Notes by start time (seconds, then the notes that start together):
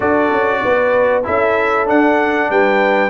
0.00 D4 F#4 A4 D5
0.31 C#4
0.63 B3 B4
1.23 C#4 E4 A4 E5
1.85 D4 F#5
2.50 G3 B4 G5